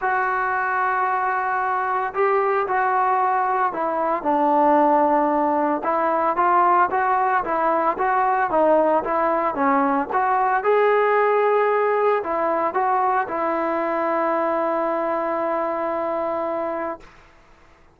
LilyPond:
\new Staff \with { instrumentName = "trombone" } { \time 4/4 \tempo 4 = 113 fis'1 | g'4 fis'2 e'4 | d'2. e'4 | f'4 fis'4 e'4 fis'4 |
dis'4 e'4 cis'4 fis'4 | gis'2. e'4 | fis'4 e'2.~ | e'1 | }